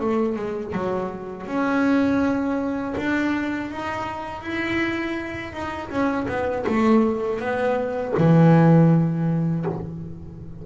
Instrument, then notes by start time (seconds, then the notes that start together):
double bass
0.00 A3
0.36 G#3
0.73 F#3
1.47 C#4
2.98 D4
3.71 D#4
4.42 E4
5.53 D#4
5.90 C#4
6.28 B3
6.67 A3
7.40 B3
8.18 E3